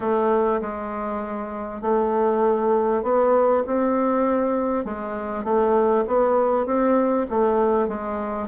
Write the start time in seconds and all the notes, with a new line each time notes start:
0.00 A3
0.61 G#3
1.81 A3
3.02 B3
3.66 C4
4.85 G#3
5.44 A3
6.07 B3
6.66 C4
7.29 A3
7.88 G#3